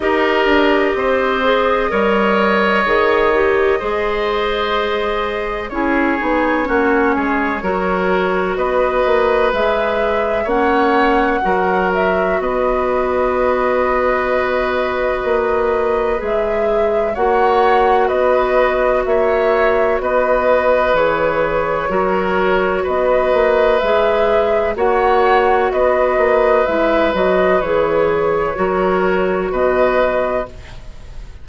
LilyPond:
<<
  \new Staff \with { instrumentName = "flute" } { \time 4/4 \tempo 4 = 63 dis''1~ | dis''2 cis''2~ | cis''4 dis''4 e''4 fis''4~ | fis''8 e''8 dis''2.~ |
dis''4 e''4 fis''4 dis''4 | e''4 dis''4 cis''2 | dis''4 e''4 fis''4 dis''4 | e''8 dis''8 cis''2 dis''4 | }
  \new Staff \with { instrumentName = "oboe" } { \time 4/4 ais'4 c''4 cis''2 | c''2 gis'4 fis'8 gis'8 | ais'4 b'2 cis''4 | ais'4 b'2.~ |
b'2 cis''4 b'4 | cis''4 b'2 ais'4 | b'2 cis''4 b'4~ | b'2 ais'4 b'4 | }
  \new Staff \with { instrumentName = "clarinet" } { \time 4/4 g'4. gis'8 ais'4 gis'8 g'8 | gis'2 e'8 dis'8 cis'4 | fis'2 gis'4 cis'4 | fis'1~ |
fis'4 gis'4 fis'2~ | fis'2 gis'4 fis'4~ | fis'4 gis'4 fis'2 | e'8 fis'8 gis'4 fis'2 | }
  \new Staff \with { instrumentName = "bassoon" } { \time 4/4 dis'8 d'8 c'4 g4 dis4 | gis2 cis'8 b8 ais8 gis8 | fis4 b8 ais8 gis4 ais4 | fis4 b2. |
ais4 gis4 ais4 b4 | ais4 b4 e4 fis4 | b8 ais8 gis4 ais4 b8 ais8 | gis8 fis8 e4 fis4 b,4 | }
>>